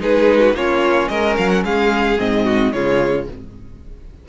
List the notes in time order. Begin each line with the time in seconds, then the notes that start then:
0.00 G#3 D#4 G#4 B4
0.41 F#4
0.54 A#3 C#4 F4 C#5
1.09 G#3 A#4 D#5
1.37 F#3 F5
1.50 F#5
1.64 G#3 G#4 F5
2.19 G#2 C4 D#5
2.45 F#4
2.73 C#3 G#3 F4 C#5